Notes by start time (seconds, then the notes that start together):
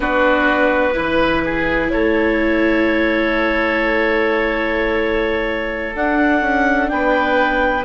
0.00 B3 D4 F#4 B4
0.93 E3 E4 B4
1.44 G#4
1.89 A3 A4 C#5
5.94 D4 F#5
6.40 C#4
6.88 B3 B4 G5